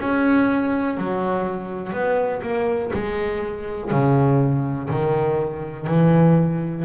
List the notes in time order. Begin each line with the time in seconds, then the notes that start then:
0.00 C#4
0.97 F#3
1.93 B3
2.42 A#3
2.93 G#3
3.91 C#3
4.90 D#3
5.87 E3